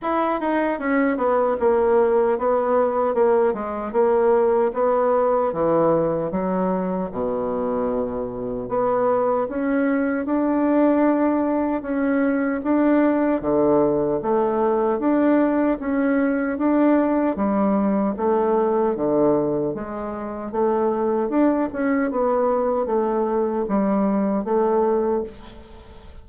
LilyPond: \new Staff \with { instrumentName = "bassoon" } { \time 4/4 \tempo 4 = 76 e'8 dis'8 cis'8 b8 ais4 b4 | ais8 gis8 ais4 b4 e4 | fis4 b,2 b4 | cis'4 d'2 cis'4 |
d'4 d4 a4 d'4 | cis'4 d'4 g4 a4 | d4 gis4 a4 d'8 cis'8 | b4 a4 g4 a4 | }